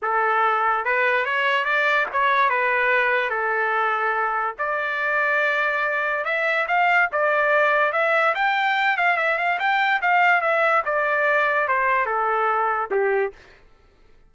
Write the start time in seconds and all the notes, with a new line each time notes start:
0.02 A4
0.84 B4
1.25 C#5
1.64 D5
2.12 C#5
2.49 B4
3.29 A4
4.58 D5
6.24 E5
6.67 F5
7.12 D5
7.92 E5
8.34 G5
8.97 F5
9.17 E5
9.37 F5
9.59 G5
10.01 F5
10.41 E5
10.85 D5
11.68 C5
12.05 A4
12.90 G4